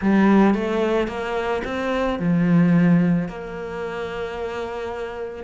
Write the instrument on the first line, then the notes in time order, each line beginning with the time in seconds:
cello
0.01 G3
0.54 A3
1.07 A#3
1.64 C4
2.19 F3
3.28 A#3